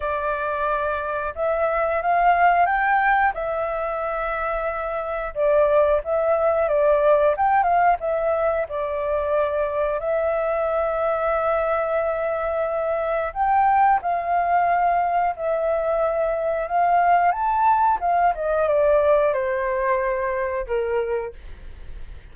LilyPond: \new Staff \with { instrumentName = "flute" } { \time 4/4 \tempo 4 = 90 d''2 e''4 f''4 | g''4 e''2. | d''4 e''4 d''4 g''8 f''8 | e''4 d''2 e''4~ |
e''1 | g''4 f''2 e''4~ | e''4 f''4 a''4 f''8 dis''8 | d''4 c''2 ais'4 | }